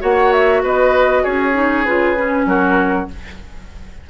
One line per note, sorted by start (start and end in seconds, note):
0.00 0.63 A#3
0.00 1.53 F#4
0.00 0.62 C#5
0.00 0.33 F#5
0.33 0.63 E5
0.63 1.25 B3
0.63 1.23 B4
0.63 1.25 D#5
1.23 1.88 C#4
1.23 2.46 G#4
1.23 1.86 C#5
1.53 1.84 D#4
1.86 2.46 C#3
1.86 2.16 F4
1.86 2.47 B4
2.16 3.08 C#4
2.46 3.07 F#3
2.46 3.10 F#4
2.46 3.09 A#4